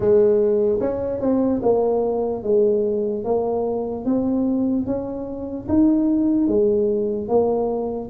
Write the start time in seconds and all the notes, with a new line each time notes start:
0.00 G#3
0.80 C#4
1.20 C4
1.62 A#3
2.43 G#3
3.24 A#3
4.05 C4
4.86 C#4
5.68 D#4
6.47 G#3
7.28 A#3